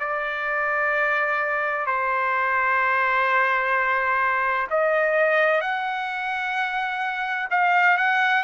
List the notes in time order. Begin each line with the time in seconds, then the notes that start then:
0.00 D5
1.86 C5
4.70 D#5
5.61 F#5
7.51 F5
7.98 F#5